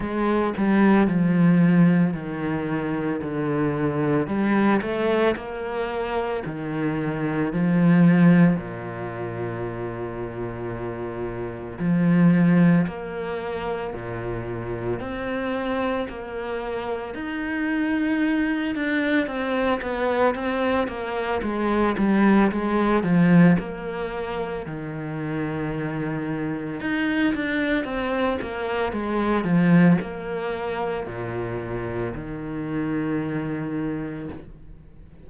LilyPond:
\new Staff \with { instrumentName = "cello" } { \time 4/4 \tempo 4 = 56 gis8 g8 f4 dis4 d4 | g8 a8 ais4 dis4 f4 | ais,2. f4 | ais4 ais,4 c'4 ais4 |
dis'4. d'8 c'8 b8 c'8 ais8 | gis8 g8 gis8 f8 ais4 dis4~ | dis4 dis'8 d'8 c'8 ais8 gis8 f8 | ais4 ais,4 dis2 | }